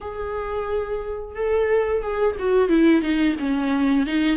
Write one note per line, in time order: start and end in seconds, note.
0.01 1.35 G#4
1.35 2.02 A4
2.02 2.36 G#4
2.39 2.68 F#4
2.68 3.02 E4
3.02 3.35 D#4
3.39 4.06 C#4
4.06 4.37 D#4